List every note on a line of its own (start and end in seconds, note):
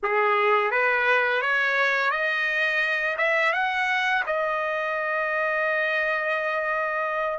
0.02 0.71 G#4
0.71 1.41 B4
1.41 2.10 C#5
2.10 3.16 D#5
3.17 3.53 E5
3.53 4.23 F#5
4.26 7.38 D#5